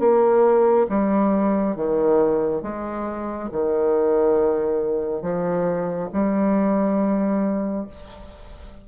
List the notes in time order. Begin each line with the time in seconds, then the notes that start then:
0.00 A#3
0.90 G3
1.76 D#3
2.63 G#3
3.52 D#3
5.23 F3
6.13 G3